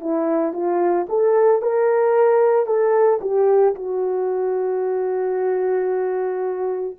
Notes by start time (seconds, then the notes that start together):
0.00 E4
0.53 F4
1.09 A4
1.62 A#4
2.66 A4
3.21 G4
3.75 F#4